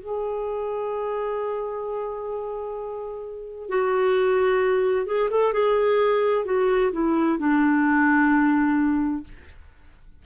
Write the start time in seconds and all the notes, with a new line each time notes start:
0.00 G#4
3.69 F#4
5.06 G#4
5.31 A4
5.53 G#4
6.45 F#4
6.93 E4
7.39 D4